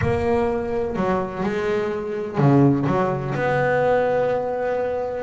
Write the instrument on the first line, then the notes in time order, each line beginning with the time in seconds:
double bass
0.01 A#3
0.96 F#3
1.43 G#3
2.37 C#3
2.86 F#3
3.34 B3